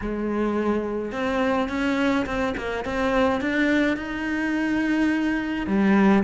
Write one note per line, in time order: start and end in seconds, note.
0.01 1.12 G#3
1.12 1.68 C4
1.69 2.25 C#4
2.26 2.54 C4
2.57 2.84 A#3
2.84 3.40 C4
3.40 3.96 D4
3.96 5.66 D#4
5.66 6.23 G3